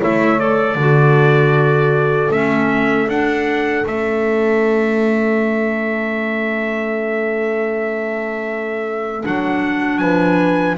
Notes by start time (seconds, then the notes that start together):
0.00 A3 E4 C#5 E5
0.38 A4 D5
0.75 D3 F#4 A4
2.30 A3 C#4 E5
3.08 D4 F#5
3.85 A3 C#4 E5
9.23 F#3 D4 F#5
9.98 F3 B4 G#5